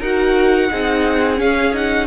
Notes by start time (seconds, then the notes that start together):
0.00 D#4 F#4 A#4 F#5
0.71 C4 D#4 G#4
1.37 C#4 F5
1.74 D#4 F#5